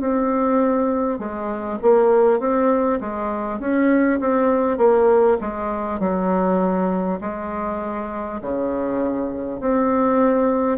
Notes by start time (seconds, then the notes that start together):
0.00 C4
1.19 G#3
1.82 A#3
2.40 C4
3.01 G#3
3.59 C#4
4.21 C4
4.78 A#3
5.41 G#3
5.99 F#3
7.21 G#3
8.42 C#3
9.61 C4